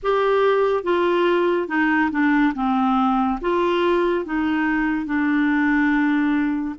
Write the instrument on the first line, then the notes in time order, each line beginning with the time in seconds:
clarinet
0.02 G4
0.83 F4
1.67 D#4
2.11 D4
2.54 C4
3.41 F4
4.25 D#4
5.06 D4